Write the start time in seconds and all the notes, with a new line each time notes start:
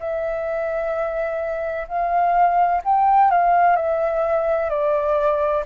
0.00 E5
1.88 F5
2.84 G5
3.31 F5
3.76 E5
4.70 D5